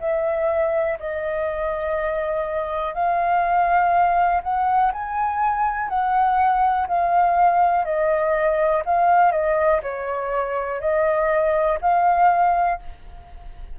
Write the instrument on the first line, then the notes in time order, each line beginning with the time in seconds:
flute
0.00 E5
1.00 D#5
2.94 F5
4.43 F#5
4.93 G#5
5.89 F#5
6.88 F5
7.85 D#5
8.86 F5
9.32 D#5
9.83 C#5
10.81 D#5
11.81 F5